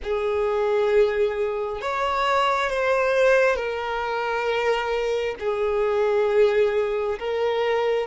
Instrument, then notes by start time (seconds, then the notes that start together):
violin
0.02 G#4
1.81 C#5
2.69 C5
3.56 A#4
5.39 G#4
7.19 A#4